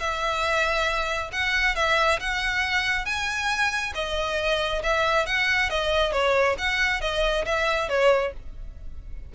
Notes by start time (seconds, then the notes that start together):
0.00 E5
1.33 F#5
1.76 E5
2.20 F#5
3.05 G#5
3.95 D#5
4.83 E5
5.27 F#5
5.70 D#5
6.13 C#5
6.59 F#5
7.01 D#5
7.46 E5
7.89 C#5